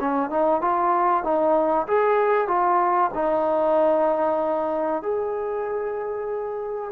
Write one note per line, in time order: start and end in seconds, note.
0.00 0.30 C#4
0.30 0.61 D#4
0.61 1.23 F4
1.23 1.87 D#4
1.87 2.47 G#4
2.47 3.11 F4
3.14 5.02 D#4
5.02 6.92 G#4